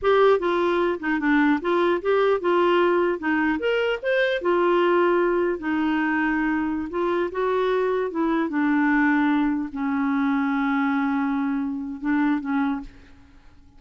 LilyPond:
\new Staff \with { instrumentName = "clarinet" } { \time 4/4 \tempo 4 = 150 g'4 f'4. dis'8 d'4 | f'4 g'4 f'2 | dis'4 ais'4 c''4 f'4~ | f'2 dis'2~ |
dis'4~ dis'16 f'4 fis'4.~ fis'16~ | fis'16 e'4 d'2~ d'8.~ | d'16 cis'2.~ cis'8.~ | cis'2 d'4 cis'4 | }